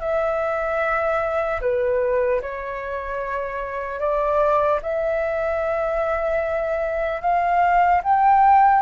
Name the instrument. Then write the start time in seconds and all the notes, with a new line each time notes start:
flute
0.00 E5
1.61 B4
2.41 C#5
4.00 D5
4.83 E5
7.21 F5
8.03 G5